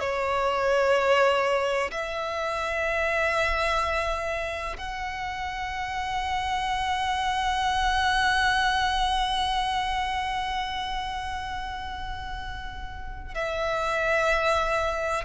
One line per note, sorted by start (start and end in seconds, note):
0.00 1.90 C#5
1.91 4.77 E5
4.77 13.34 F#5
13.34 15.25 E5